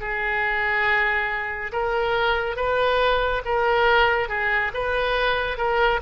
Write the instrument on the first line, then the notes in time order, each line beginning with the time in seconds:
oboe
0.00 G#4
1.72 A#4
2.56 B4
3.44 A#4
4.29 G#4
4.73 B4
5.57 A#4